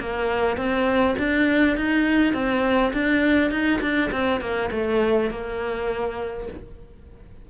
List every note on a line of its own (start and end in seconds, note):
0.00 0.57 A#3
0.57 1.16 C4
1.19 1.77 D4
1.77 2.34 D#4
2.34 2.93 C4
2.93 3.51 D4
3.51 3.80 D#4
3.81 4.11 D4
4.12 4.41 C4
4.41 4.71 A#3
4.72 5.30 A3
5.31 6.48 A#3